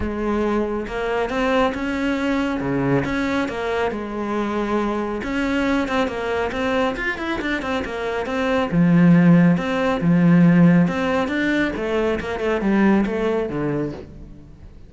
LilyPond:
\new Staff \with { instrumentName = "cello" } { \time 4/4 \tempo 4 = 138 gis2 ais4 c'4 | cis'2 cis4 cis'4 | ais4 gis2. | cis'4. c'8 ais4 c'4 |
f'8 e'8 d'8 c'8 ais4 c'4 | f2 c'4 f4~ | f4 c'4 d'4 a4 | ais8 a8 g4 a4 d4 | }